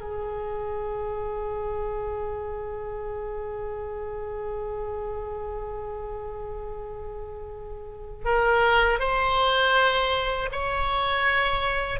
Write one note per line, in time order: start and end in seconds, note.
0.00 8.24 G#4
8.24 8.99 A#4
8.99 10.49 C5
10.51 11.99 C#5